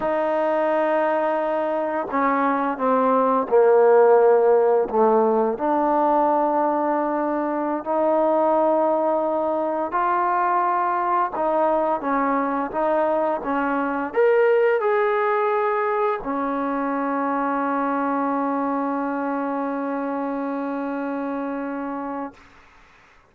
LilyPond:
\new Staff \with { instrumentName = "trombone" } { \time 4/4 \tempo 4 = 86 dis'2. cis'4 | c'4 ais2 a4 | d'2.~ d'16 dis'8.~ | dis'2~ dis'16 f'4.~ f'16~ |
f'16 dis'4 cis'4 dis'4 cis'8.~ | cis'16 ais'4 gis'2 cis'8.~ | cis'1~ | cis'1 | }